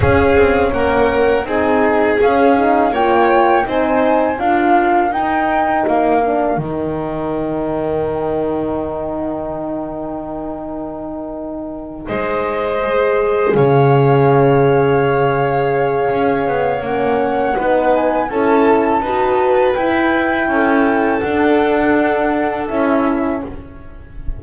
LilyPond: <<
  \new Staff \with { instrumentName = "flute" } { \time 4/4 \tempo 4 = 82 f''4 fis''4 gis''4 f''4 | g''4 gis''4 f''4 g''4 | f''4 g''2.~ | g''1~ |
g''8 dis''2 f''4.~ | f''2. fis''4~ | fis''8 gis''8 a''2 g''4~ | g''4 fis''2 e''4 | }
  \new Staff \with { instrumentName = "violin" } { \time 4/4 gis'4 ais'4 gis'2 | cis''4 c''4 ais'2~ | ais'1~ | ais'1~ |
ais'8 c''2 cis''4.~ | cis''1 | b'4 a'4 b'2 | a'1 | }
  \new Staff \with { instrumentName = "horn" } { \time 4/4 cis'2 dis'4 cis'8 dis'8 | f'4 dis'4 f'4 dis'4~ | dis'8 d'8 dis'2.~ | dis'1~ |
dis'4. gis'2~ gis'8~ | gis'2. cis'4 | dis'4 e'4 fis'4 e'4~ | e'4 d'2 e'4 | }
  \new Staff \with { instrumentName = "double bass" } { \time 4/4 cis'8 c'8 ais4 c'4 cis'4 | ais4 c'4 d'4 dis'4 | ais4 dis2.~ | dis1~ |
dis8 gis2 cis4.~ | cis2 cis'8 b8 ais4 | b4 cis'4 dis'4 e'4 | cis'4 d'2 cis'4 | }
>>